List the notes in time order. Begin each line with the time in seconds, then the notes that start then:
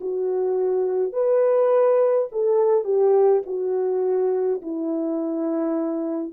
0.00 F#4
1.12 B4
2.31 A4
2.84 G4
3.46 F#4
4.62 E4